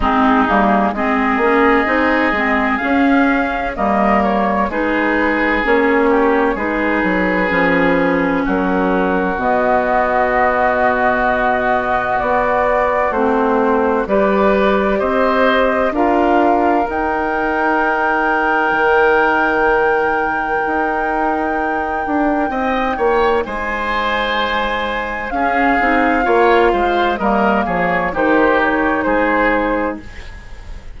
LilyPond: <<
  \new Staff \with { instrumentName = "flute" } { \time 4/4 \tempo 4 = 64 gis'4 dis''2 f''4 | dis''8 cis''8 b'4 cis''4 b'4~ | b'4 ais'4 dis''2~ | dis''4 d''4 c''4 d''4 |
dis''4 f''4 g''2~ | g''1~ | g''4 gis''2 f''4~ | f''4 dis''8 cis''8 c''8 cis''8 c''4 | }
  \new Staff \with { instrumentName = "oboe" } { \time 4/4 dis'4 gis'2. | ais'4 gis'4. g'8 gis'4~ | gis'4 fis'2.~ | fis'2. b'4 |
c''4 ais'2.~ | ais'1 | dis''8 cis''8 c''2 gis'4 | cis''8 c''8 ais'8 gis'8 g'4 gis'4 | }
  \new Staff \with { instrumentName = "clarinet" } { \time 4/4 c'8 ais8 c'8 cis'8 dis'8 c'8 cis'4 | ais4 dis'4 cis'4 dis'4 | cis'2 b2~ | b2 c'4 g'4~ |
g'4 f'4 dis'2~ | dis'1~ | dis'2. cis'8 dis'8 | f'4 ais4 dis'2 | }
  \new Staff \with { instrumentName = "bassoon" } { \time 4/4 gis8 g8 gis8 ais8 c'8 gis8 cis'4 | g4 gis4 ais4 gis8 fis8 | f4 fis4 b,2~ | b,4 b4 a4 g4 |
c'4 d'4 dis'2 | dis2 dis'4. d'8 | c'8 ais8 gis2 cis'8 c'8 | ais8 gis8 g8 f8 dis4 gis4 | }
>>